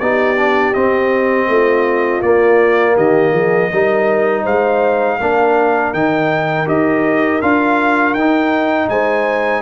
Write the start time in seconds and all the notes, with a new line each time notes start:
0.00 B3 D#4 G4 D5
0.37 D4
0.74 C4 D#5
1.48 A3 F4
2.22 A#3 D5
2.96 D#3 G4 D#5
3.32 F3 G#4
3.71 G3 D#4 A#4
4.43 G#3 C5 F5
5.21 A#3 D4 A#4
5.94 D#3 D#4 G5
6.67 D#4 G4 D#5
7.42 D4 F4 F5
8.14 D#4 G5
8.89 G#3 C5 G#5